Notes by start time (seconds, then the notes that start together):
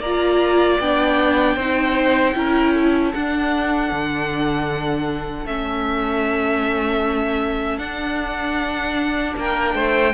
0.00 A#3 F4 D5 A#5
0.79 B3 D4 G5
1.56 C4 D#4 C5
2.34 C#4 E4 A#4
2.74 A4
3.13 D4 F#5
3.92 D3
5.45 A3 C#4 E5
7.78 D4 F#5
9.36 A#3 A#4 G5
9.74 A3 C5